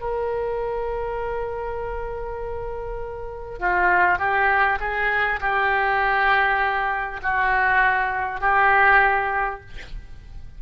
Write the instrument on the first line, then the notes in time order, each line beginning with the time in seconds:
oboe
0.00 A#4
3.59 F4
4.18 G4
4.79 G#4
5.41 G4
7.22 F#4
8.41 G4